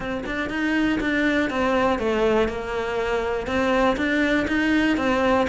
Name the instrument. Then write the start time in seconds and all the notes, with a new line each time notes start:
cello
0.00 C4
0.26 D4
0.49 D#4
1.00 D4
1.50 C4
1.98 A3
2.48 A#3
3.46 C4
3.96 D4
4.47 D#4
4.97 C4